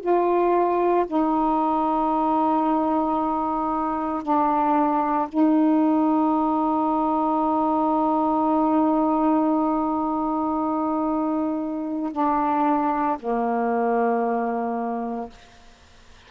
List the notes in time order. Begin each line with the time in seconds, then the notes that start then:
0.00 F4
1.07 D#4
4.23 D4
5.29 D#4
12.12 D4
13.19 A#3